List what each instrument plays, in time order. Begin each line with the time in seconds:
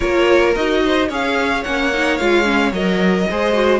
0.00 cello A#3, viola F4, violin A#4 C#5
0.55 cello D#4, viola F#4, violin D#5
0.84 violin C5
1.08 cello C#4, viola G#4, violin C#5 F5
1.63 cello A#3, viola C#4, violin F#5
1.93 viola D#4
2.17 cello G#3, viola F4, violin F5
2.44 viola C#4
2.71 cello F#3, viola A#4, violin D#5
3.29 cello G#3, viola G#4, violin C5
3.53 viola F#4